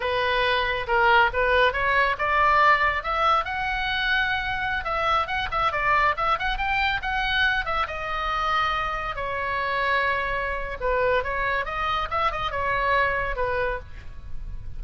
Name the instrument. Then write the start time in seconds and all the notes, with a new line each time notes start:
oboe
0.00 B4
0.87 A#4
1.33 B4
1.72 C#5
2.18 D5
3.03 E5
3.44 F#5
4.84 E5
5.27 F#5
5.51 E5
5.72 D5
6.16 E5
6.38 F#5
6.57 G5
7.02 F#5
7.65 E5
7.87 D#5
9.15 C#5
10.80 B4
11.23 C#5
11.65 D#5
12.10 E5
12.31 D#5
12.51 C#5
13.36 B4